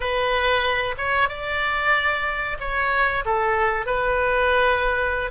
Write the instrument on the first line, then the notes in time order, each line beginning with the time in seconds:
oboe
0.00 B4
0.97 C#5
1.28 D5
2.60 C#5
3.25 A4
3.86 B4